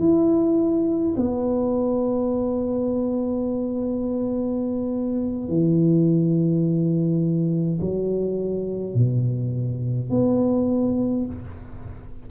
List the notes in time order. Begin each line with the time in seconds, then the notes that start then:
0.00 E4
1.17 B3
5.49 E3
7.81 F#3
8.95 B2
10.11 B3